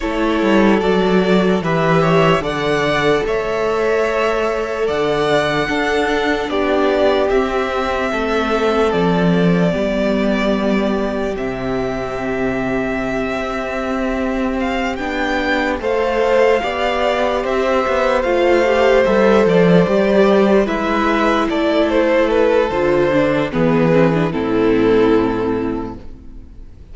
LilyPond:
<<
  \new Staff \with { instrumentName = "violin" } { \time 4/4 \tempo 4 = 74 cis''4 d''4 e''4 fis''4 | e''2 fis''2 | d''4 e''2 d''4~ | d''2 e''2~ |
e''2 f''8 g''4 f''8~ | f''4. e''4 f''4 e''8 | d''4. e''4 d''8 c''8 b'8 | c''4 b'4 a'2 | }
  \new Staff \with { instrumentName = "violin" } { \time 4/4 a'2 b'8 cis''8 d''4 | cis''2 d''4 a'4 | g'2 a'2 | g'1~ |
g'2.~ g'8 c''8~ | c''8 d''4 c''2~ c''8~ | c''4. b'4 a'4.~ | a'4 gis'4 e'2 | }
  \new Staff \with { instrumentName = "viola" } { \time 4/4 e'4 fis'4 g'4 a'4~ | a'2. d'4~ | d'4 c'2. | b2 c'2~ |
c'2~ c'8 d'4 a'8~ | a'8 g'2 f'8 g'8 a'8~ | a'8 g'4 e'2~ e'8 | f'8 d'8 b8 c'16 d'16 c'2 | }
  \new Staff \with { instrumentName = "cello" } { \time 4/4 a8 g8 fis4 e4 d4 | a2 d4 d'4 | b4 c'4 a4 f4 | g2 c2~ |
c8 c'2 b4 a8~ | a8 b4 c'8 b8 a4 g8 | f8 g4 gis4 a4. | d4 e4 a,2 | }
>>